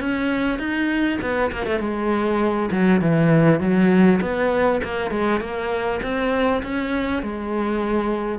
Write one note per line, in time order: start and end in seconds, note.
0.00 0.59 C#4
0.59 1.19 D#4
1.21 1.51 B3
1.52 1.66 A#3
1.66 1.80 A3
1.80 2.70 G#3
2.71 3.01 F#3
3.01 3.60 E3
3.60 4.20 F#3
4.21 4.81 B3
4.84 5.11 A#3
5.11 5.41 G#3
5.41 6.01 A#3
6.02 6.62 C4
6.63 7.22 C#4
7.22 8.39 G#3